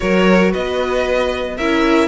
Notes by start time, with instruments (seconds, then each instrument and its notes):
0.00 cello F#3, viola F#4, violin A#4 C#5
0.51 cello B3, violin B4 D#5
1.57 cello C#4, viola E4, violin A#4 E5